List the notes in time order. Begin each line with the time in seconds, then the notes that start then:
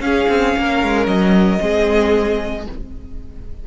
0.00 C#4 G#4 F5
0.29 C4
0.57 A#3 A#4
0.83 G#3
1.07 F#3 D#5
1.59 G#3 C4 G#4